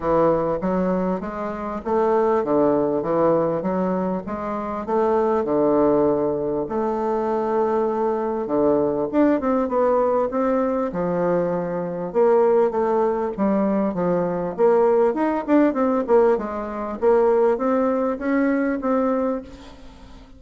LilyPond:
\new Staff \with { instrumentName = "bassoon" } { \time 4/4 \tempo 4 = 99 e4 fis4 gis4 a4 | d4 e4 fis4 gis4 | a4 d2 a4~ | a2 d4 d'8 c'8 |
b4 c'4 f2 | ais4 a4 g4 f4 | ais4 dis'8 d'8 c'8 ais8 gis4 | ais4 c'4 cis'4 c'4 | }